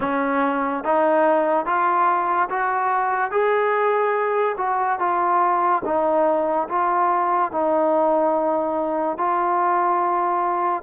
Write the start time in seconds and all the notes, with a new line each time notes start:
0.00 C#4
0.83 D#4
1.65 F4
2.49 F#4
3.31 G#4
4.57 F#4
4.99 F4
5.84 D#4
6.68 F4
7.52 D#4
9.17 F4